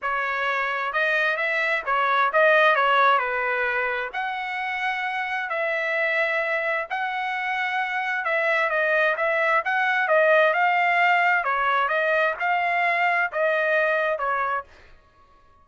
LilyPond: \new Staff \with { instrumentName = "trumpet" } { \time 4/4 \tempo 4 = 131 cis''2 dis''4 e''4 | cis''4 dis''4 cis''4 b'4~ | b'4 fis''2. | e''2. fis''4~ |
fis''2 e''4 dis''4 | e''4 fis''4 dis''4 f''4~ | f''4 cis''4 dis''4 f''4~ | f''4 dis''2 cis''4 | }